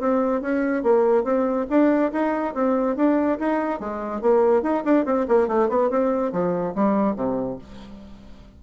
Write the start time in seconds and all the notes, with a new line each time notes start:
0.00 C4
0.42 C#4
0.83 A#3
1.24 C4
1.70 D4
2.12 D#4
2.54 C4
2.97 D4
3.39 D#4
3.80 G#3
4.22 A#3
4.63 D#4
4.85 D4
5.05 C4
5.28 A#3
5.48 A3
5.69 B3
5.90 C4
6.32 F3
6.75 G3
7.16 C3